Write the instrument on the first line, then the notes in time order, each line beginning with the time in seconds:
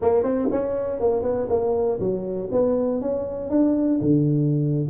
tuba
0.01 A#3
0.23 C4
0.51 C#4
1.00 A#3
1.22 B3
1.49 A#3
1.99 F#3
2.51 B3
3.01 C#4
3.50 D4
4.00 D3